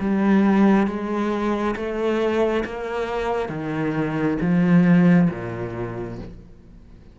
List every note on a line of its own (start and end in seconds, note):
0.00 0.87 G3
0.87 1.76 G#3
1.76 2.64 A3
2.65 3.49 A#3
3.49 4.38 D#3
4.41 5.29 F3
5.31 6.19 A#2